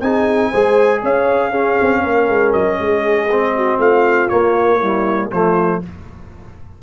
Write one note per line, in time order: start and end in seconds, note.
0.00 0.51 C4
0.00 0.53 D#4
0.00 0.50 G#4
0.00 1.01 G#5
0.50 1.03 G#3
0.50 1.52 G#4
0.50 1.00 C5
1.02 1.78 C#4
1.02 1.50 C#5
1.02 2.53 F5
1.50 3.28 C#4
1.50 2.01 G#4
1.81 2.03 C4
2.03 2.28 A#3
2.03 2.79 A#4
2.28 2.54 G#3
2.53 2.78 F#3
2.53 3.79 D#5
2.78 3.78 G#3
2.78 3.55 G#4
3.30 4.30 C4
3.55 3.78 F#4
3.78 4.29 A3
3.78 4.78 F4
3.78 4.28 F5
4.28 4.80 A#3
4.28 5.31 A#3
4.28 5.29 C#5
4.79 5.31 G3
4.79 5.29 E4
5.31 5.82 F3
5.31 5.82 A3
5.31 5.81 F4
5.31 5.82 C5